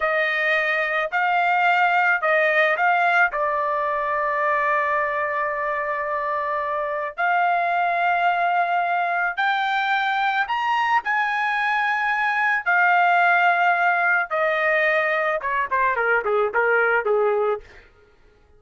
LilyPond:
\new Staff \with { instrumentName = "trumpet" } { \time 4/4 \tempo 4 = 109 dis''2 f''2 | dis''4 f''4 d''2~ | d''1~ | d''4 f''2.~ |
f''4 g''2 ais''4 | gis''2. f''4~ | f''2 dis''2 | cis''8 c''8 ais'8 gis'8 ais'4 gis'4 | }